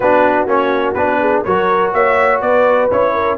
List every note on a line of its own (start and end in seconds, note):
0.00 0.46 B3
0.00 0.47 D4
0.00 1.19 F#4
0.00 0.47 B4
0.46 0.95 A#3
0.46 0.95 C#4
0.46 0.94 C#5
0.94 1.44 B3
0.94 1.45 D4
0.94 1.42 B4
1.19 1.44 G#4
1.44 1.93 F#3
1.44 2.90 F#4
1.44 1.94 A#4
1.44 1.93 C#5
1.93 2.41 A#3
1.93 2.42 C#5
1.93 2.41 E5
2.41 2.90 B3
2.41 3.13 B4
2.41 2.89 D5
2.90 3.37 C#4
2.90 3.37 E4
2.90 3.37 C#5
3.13 3.37 A#4